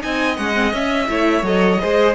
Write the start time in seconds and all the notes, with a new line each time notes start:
0.00 C4 D#4 D#5 G#5
0.37 G#3 C#4 F#5
0.55 C4
0.72 C#4 E5
1.09 A3 E4 C#5
1.43 F#3 A4 D#5
1.81 G#3 G#4 C5